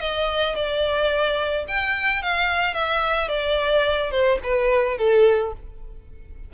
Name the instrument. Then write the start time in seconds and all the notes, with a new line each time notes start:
violin
0.00 D#5
0.55 D5
1.67 G5
2.22 F5
2.73 E5
3.28 D5
4.11 C5
4.43 B4
4.98 A4